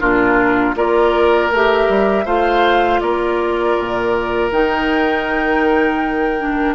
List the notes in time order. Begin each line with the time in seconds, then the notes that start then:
0.00 A#2 D4 F4 A#4
0.76 A#3 F4 A#4 D5
1.51 A3 G4 E5
1.89 G3
2.25 A3 F4 C5 F5
3.00 A#3 A#4 D5
3.80 A#2
4.51 D#3 D#4 G5
6.39 D4